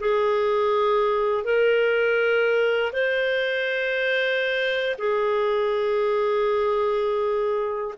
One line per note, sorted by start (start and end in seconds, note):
0.00 1.44 G#4
1.44 2.93 A#4
2.93 4.97 C5
4.99 7.95 G#4